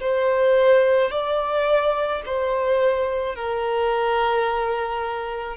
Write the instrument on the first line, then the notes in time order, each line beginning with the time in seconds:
violin
0.00 C5
1.11 D5
2.26 C5
3.35 A#4